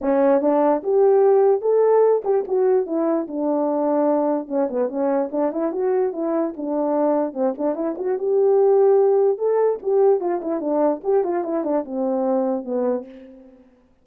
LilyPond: \new Staff \with { instrumentName = "horn" } { \time 4/4 \tempo 4 = 147 cis'4 d'4 g'2 | a'4. g'8 fis'4 e'4 | d'2. cis'8 b8 | cis'4 d'8 e'8 fis'4 e'4 |
d'2 c'8 d'8 e'8 fis'8 | g'2. a'4 | g'4 f'8 e'8 d'4 g'8 f'8 | e'8 d'8 c'2 b4 | }